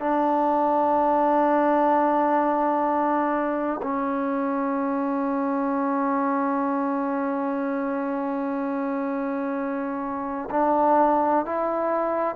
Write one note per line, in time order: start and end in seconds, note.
0.00 3.81 D4
3.83 10.50 C#4
10.51 11.46 D4
11.46 12.36 E4